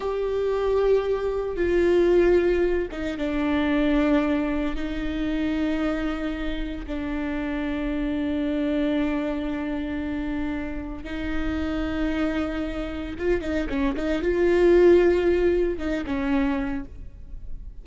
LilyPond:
\new Staff \with { instrumentName = "viola" } { \time 4/4 \tempo 4 = 114 g'2. f'4~ | f'4. dis'8 d'2~ | d'4 dis'2.~ | dis'4 d'2.~ |
d'1~ | d'4 dis'2.~ | dis'4 f'8 dis'8 cis'8 dis'8 f'4~ | f'2 dis'8 cis'4. | }